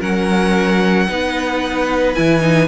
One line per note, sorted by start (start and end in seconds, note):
0.00 1.09 F#3
0.00 1.08 C#4
0.00 1.07 A#4
0.00 2.15 F#5
1.09 2.16 B3
1.09 2.16 D#4
1.09 2.68 B4
2.15 2.68 E3
2.15 2.40 E4
2.15 2.68 G#5
2.40 2.67 D#4